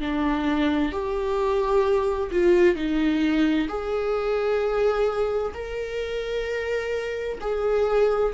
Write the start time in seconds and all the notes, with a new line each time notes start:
0.00 D4
0.92 G4
2.31 F4
2.76 D#4
3.68 G#4
5.54 A#4
7.41 G#4